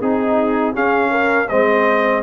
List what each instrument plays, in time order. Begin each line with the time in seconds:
0.00 tuba C4, horn D#4, trombone D#4, trumpet G#4
0.73 trombone C#4, tuba C#4, horn G#4, trumpet F5
1.11 horn A#4
1.49 tuba G#3, trombone C4, horn C5, trumpet D#5